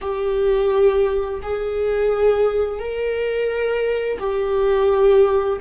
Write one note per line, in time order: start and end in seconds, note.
0.01 1.40 G4
1.42 2.79 G#4
2.79 4.18 A#4
4.19 5.59 G4